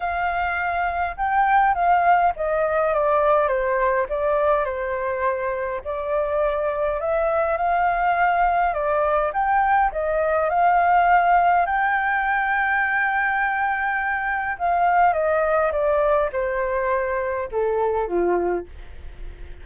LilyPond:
\new Staff \with { instrumentName = "flute" } { \time 4/4 \tempo 4 = 103 f''2 g''4 f''4 | dis''4 d''4 c''4 d''4 | c''2 d''2 | e''4 f''2 d''4 |
g''4 dis''4 f''2 | g''1~ | g''4 f''4 dis''4 d''4 | c''2 a'4 f'4 | }